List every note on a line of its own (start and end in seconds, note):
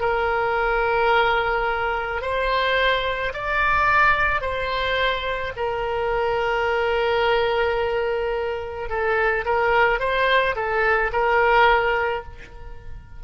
0.00 2.22 A#4
2.22 3.33 C5
3.34 4.41 D5
4.41 5.53 C5
5.57 8.89 A#4
8.89 9.45 A4
9.45 10.00 A#4
10.00 10.56 C5
10.56 11.11 A4
11.13 12.24 A#4